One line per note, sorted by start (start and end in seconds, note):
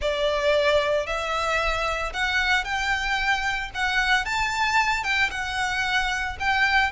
0.01 1.06 D5
1.06 2.12 E5
2.13 2.64 F#5
2.64 3.70 G5
3.74 4.25 F#5
4.25 5.03 A5
5.03 5.30 G5
5.30 6.36 F#5
6.39 6.91 G5